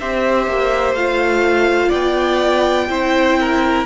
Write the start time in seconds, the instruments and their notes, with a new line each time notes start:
0.00 cello C4, viola G4, violin C5 E5
0.47 cello A#3
0.93 cello A3, viola F4, violin F5
1.89 cello B3, violin D5 G5
2.90 cello C4, viola E4, violin C5
3.40 violin A#4